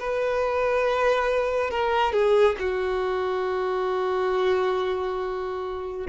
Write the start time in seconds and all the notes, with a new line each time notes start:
0.00 B4
1.70 A#4
2.13 G#4
2.59 F#4